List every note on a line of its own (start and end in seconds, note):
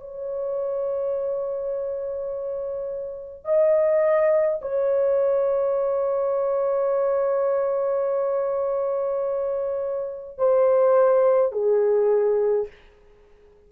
0.00 3.45 C#5
3.45 4.60 D#5
4.62 10.38 C#5
10.38 11.52 C5
11.52 12.68 G#4